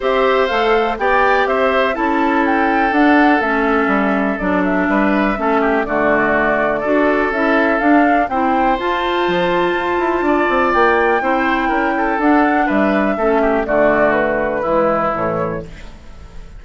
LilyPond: <<
  \new Staff \with { instrumentName = "flute" } { \time 4/4 \tempo 4 = 123 e''4 f''4 g''4 e''4 | a''4 g''4 fis''4 e''4~ | e''4 d''8 e''2~ e''8 | d''2. e''4 |
f''4 g''4 a''2~ | a''2 g''2~ | g''4 fis''4 e''2 | d''4 b'2 cis''4 | }
  \new Staff \with { instrumentName = "oboe" } { \time 4/4 c''2 d''4 c''4 | a'1~ | a'2 b'4 a'8 g'8 | fis'2 a'2~ |
a'4 c''2.~ | c''4 d''2 c''4 | ais'8 a'4. b'4 a'8 g'8 | fis'2 e'2 | }
  \new Staff \with { instrumentName = "clarinet" } { \time 4/4 g'4 a'4 g'2 | e'2 d'4 cis'4~ | cis'4 d'2 cis'4 | a2 fis'4 e'4 |
d'4 e'4 f'2~ | f'2. e'4~ | e'4 d'2 cis'4 | a2 gis4 e4 | }
  \new Staff \with { instrumentName = "bassoon" } { \time 4/4 c'4 a4 b4 c'4 | cis'2 d'4 a4 | g4 fis4 g4 a4 | d2 d'4 cis'4 |
d'4 c'4 f'4 f4 | f'8 e'8 d'8 c'8 ais4 c'4 | cis'4 d'4 g4 a4 | d2 e4 a,4 | }
>>